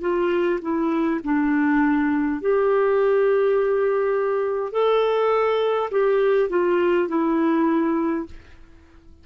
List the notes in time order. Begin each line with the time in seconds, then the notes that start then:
0.00 F4
0.61 E4
1.24 D4
2.41 G4
4.72 A4
5.90 G4
6.49 F4
7.08 E4